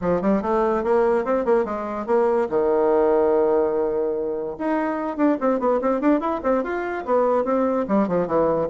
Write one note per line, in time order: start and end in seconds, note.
0.01 0.21 F3
0.21 0.42 G3
0.42 0.83 A3
0.83 1.24 A#3
1.24 1.45 C4
1.45 1.65 A#3
1.65 2.06 G#3
2.06 2.48 A#3
2.49 4.56 D#3
4.58 5.16 D#4
5.16 5.37 D4
5.40 5.59 C4
5.59 5.80 B3
5.81 6.01 C4
6.01 6.20 D4
6.20 6.40 E4
6.43 6.63 C4
6.63 7.05 F4
7.05 7.44 B3
7.44 7.85 C4
7.88 8.08 G3
8.08 8.27 F3
8.27 8.68 E3